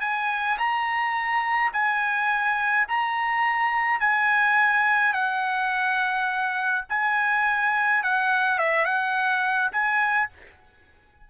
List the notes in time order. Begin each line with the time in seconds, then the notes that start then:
0.00 G#5
0.57 A#5
1.72 G#5
2.88 A#5
4.00 G#5
5.13 F#5
6.89 G#5
8.03 F#5
8.58 E5
8.85 F#5
9.71 G#5